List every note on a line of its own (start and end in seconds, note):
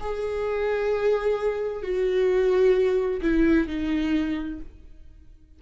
0.00 1.83 G#4
1.83 3.21 F#4
3.21 3.67 E4
3.67 4.59 D#4